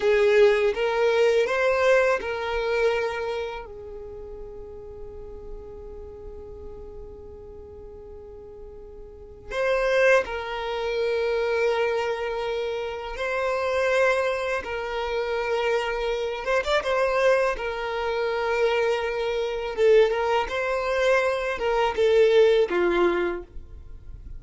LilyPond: \new Staff \with { instrumentName = "violin" } { \time 4/4 \tempo 4 = 82 gis'4 ais'4 c''4 ais'4~ | ais'4 gis'2.~ | gis'1~ | gis'4 c''4 ais'2~ |
ais'2 c''2 | ais'2~ ais'8 c''16 d''16 c''4 | ais'2. a'8 ais'8 | c''4. ais'8 a'4 f'4 | }